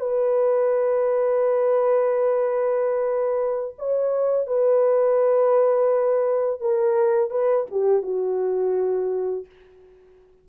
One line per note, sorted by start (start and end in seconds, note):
0.00 3.75 B4
3.78 4.47 C#5
4.47 6.60 B4
6.60 7.30 A#4
7.30 7.66 B4
7.71 8.03 G4
8.03 9.45 F#4